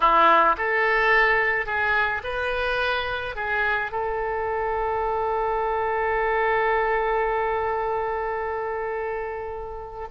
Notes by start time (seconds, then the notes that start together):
0.00 E4
0.57 A4
1.65 G#4
2.23 B4
3.35 G#4
3.91 A4